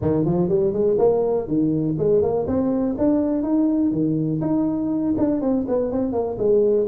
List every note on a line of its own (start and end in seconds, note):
0.01 0.25 D#3
0.25 0.48 F3
0.48 0.72 G3
0.72 0.97 G#3
0.98 1.47 A#3
1.47 1.96 D#3
1.98 2.21 G#3
2.21 2.46 A#3
2.47 2.96 C4
2.98 3.42 D4
3.42 3.91 D#4
3.91 4.40 D#3
4.41 5.15 D#4
5.17 5.41 D4
5.41 5.66 C4
5.68 5.91 B3
5.91 6.12 C4
6.12 6.37 A#3
6.38 6.87 G#3